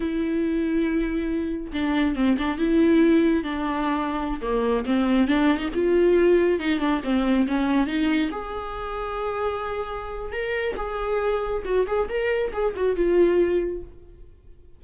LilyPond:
\new Staff \with { instrumentName = "viola" } { \time 4/4 \tempo 4 = 139 e'1 | d'4 c'8 d'8 e'2 | d'2~ d'16 ais4 c'8.~ | c'16 d'8. dis'16 f'2 dis'8 d'16~ |
d'16 c'4 cis'4 dis'4 gis'8.~ | gis'1 | ais'4 gis'2 fis'8 gis'8 | ais'4 gis'8 fis'8 f'2 | }